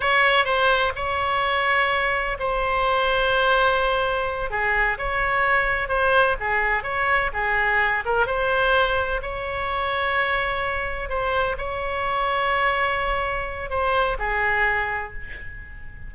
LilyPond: \new Staff \with { instrumentName = "oboe" } { \time 4/4 \tempo 4 = 127 cis''4 c''4 cis''2~ | cis''4 c''2.~ | c''4. gis'4 cis''4.~ | cis''8 c''4 gis'4 cis''4 gis'8~ |
gis'4 ais'8 c''2 cis''8~ | cis''2.~ cis''8 c''8~ | c''8 cis''2.~ cis''8~ | cis''4 c''4 gis'2 | }